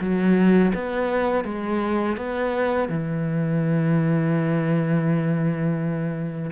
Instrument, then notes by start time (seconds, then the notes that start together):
cello
0.00 F#3
0.74 B3
1.44 G#3
2.17 B3
2.89 E3